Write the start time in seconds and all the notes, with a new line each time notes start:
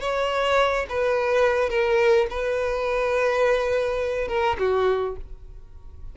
0.00 C#5
0.89 B4
1.69 A#4
2.30 B4
4.28 A#4
4.58 F#4